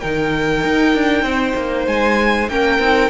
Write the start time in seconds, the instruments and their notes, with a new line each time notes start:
0.00 cello D#3, viola D#4, violin A#4 G5
0.64 cello D#4
0.94 cello D4
1.22 cello C4, violin C5
1.56 cello A#3
1.87 cello G#3, violin G#5
2.49 cello A#3, viola C#4, violin A#4 G5
2.79 cello C4, viola D#4